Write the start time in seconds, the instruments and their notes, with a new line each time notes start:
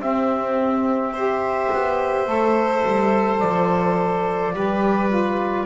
0.00 double bass C4, saxophone C4, violin G4, trumpet E5
1.13 saxophone G4, violin C5
1.73 double bass B3
2.27 double bass A3, saxophone A4
2.86 double bass G3
3.40 double bass F3, trumpet D5
4.54 double bass G3, saxophone G4, violin B4
5.09 saxophone F4